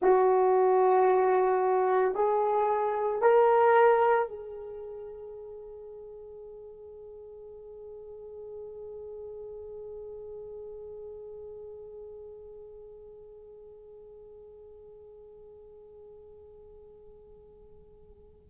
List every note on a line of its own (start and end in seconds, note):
0.01 2.14 F#4
2.14 3.21 G#4
3.21 4.28 A#4
4.28 18.48 G#4